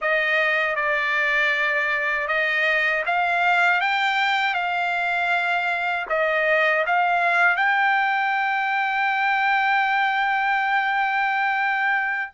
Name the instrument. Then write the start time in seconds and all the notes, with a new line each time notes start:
trumpet
0.01 D#5
0.75 D5
2.27 D#5
3.06 F5
3.80 G5
4.54 F5
6.09 D#5
6.86 F5
7.56 G5